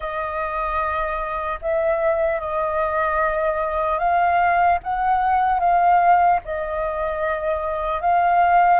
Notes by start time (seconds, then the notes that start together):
0.00 D#5
1.61 E5
2.40 D#5
3.99 F5
4.83 F#5
5.59 F5
6.44 D#5
8.01 F5